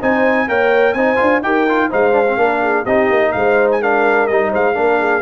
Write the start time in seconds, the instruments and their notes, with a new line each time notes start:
0.00 tuba C4, trombone D#4, horn C5, trumpet G#5
0.48 tuba A#3, trombone A#4, horn C#5, trumpet G5
0.93 tuba C4, trombone D#4, horn C5, trumpet G#5
1.16 tuba D4, trombone F4
1.42 tuba D#4, trombone G4, horn A#4, trumpet G5
1.69 trombone F4
1.89 tuba G#3, trombone D#4, horn C5, trumpet F5
2.12 trombone D4
2.27 trombone C4
2.36 tuba A#3, trombone D4, horn A#4
2.62 horn G#4
2.83 tuba C4, trombone D#4, horn G4, trumpet D#5
3.10 tuba A#3
3.32 tuba G#3, horn C5, trumpet F5
3.71 trumpet G#5
3.81 trombone D4, horn A#4, trumpet F5
4.27 tuba G3, trombone D#4, trumpet D#5
4.50 tuba G#3, horn C5, trumpet F5
4.74 tuba A#3, trombone D4, horn A#4
4.99 horn G#4